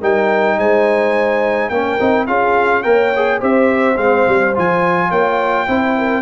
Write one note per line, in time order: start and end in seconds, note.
0.00 0.57 G3
0.00 1.71 D#4
0.00 0.57 A#4
0.00 0.59 G5
0.57 1.69 G#3
0.57 1.71 C5
0.57 1.69 G#5
1.69 1.98 A#3
1.69 1.99 C#4
1.69 2.26 A#4
1.69 2.25 G5
1.99 2.27 C4
1.99 2.27 D#4
2.26 2.84 C#4
2.26 2.83 F4
2.26 2.83 G#4
2.26 2.82 F5
2.82 3.41 A#3
2.82 3.11 A#4
2.82 3.39 C#5
2.82 3.39 G5
3.16 3.40 G#4
3.39 3.97 C4
3.39 3.95 G4
3.39 5.09 C5
3.39 3.97 E5
3.95 4.25 G#3
3.95 4.52 C4
3.95 4.53 F5
4.27 4.56 G3
4.54 5.10 F3
4.54 5.67 F4
4.54 5.11 G#5
5.09 5.67 A#3
5.09 5.66 C#5
5.09 6.21 G5
5.67 6.21 C4
5.67 6.21 E4
5.67 5.96 C5
5.98 6.21 A#4